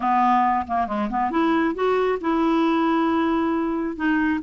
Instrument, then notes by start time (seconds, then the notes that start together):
clarinet
0.00 B3
0.67 A#3
0.87 G#3
1.09 B3
1.30 E4
1.74 F#4
2.20 E4
3.96 D#4